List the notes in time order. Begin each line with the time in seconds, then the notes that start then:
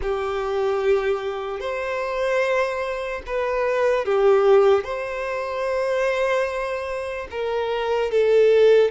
0.01 G4
1.60 C5
3.26 B4
4.05 G4
4.84 C5
7.30 A#4
8.11 A4